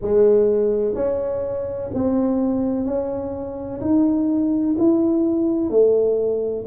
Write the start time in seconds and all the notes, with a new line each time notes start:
0.01 G#3
0.94 C#4
1.94 C4
2.85 C#4
3.81 D#4
4.78 E4
5.69 A3